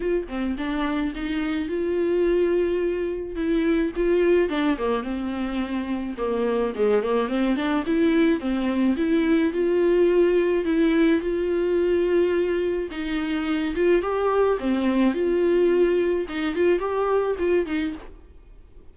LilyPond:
\new Staff \with { instrumentName = "viola" } { \time 4/4 \tempo 4 = 107 f'8 c'8 d'4 dis'4 f'4~ | f'2 e'4 f'4 | d'8 ais8 c'2 ais4 | gis8 ais8 c'8 d'8 e'4 c'4 |
e'4 f'2 e'4 | f'2. dis'4~ | dis'8 f'8 g'4 c'4 f'4~ | f'4 dis'8 f'8 g'4 f'8 dis'8 | }